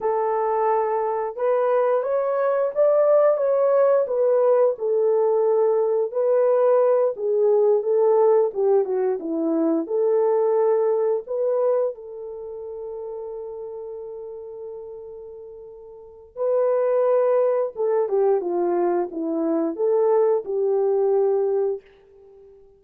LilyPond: \new Staff \with { instrumentName = "horn" } { \time 4/4 \tempo 4 = 88 a'2 b'4 cis''4 | d''4 cis''4 b'4 a'4~ | a'4 b'4. gis'4 a'8~ | a'8 g'8 fis'8 e'4 a'4.~ |
a'8 b'4 a'2~ a'8~ | a'1 | b'2 a'8 g'8 f'4 | e'4 a'4 g'2 | }